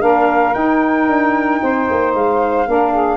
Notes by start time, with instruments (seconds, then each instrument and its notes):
0.00 tuba A#3, saxophone D4 A#4, flute F5
0.53 saxophone D#4, tuba D#4, flute G5
1.07 tuba D4
1.62 tuba C4, saxophone C5
1.90 tuba A#3
2.14 tuba G#3, flute F5
2.66 tuba A#3, saxophone D4 A#4
2.92 saxophone G#4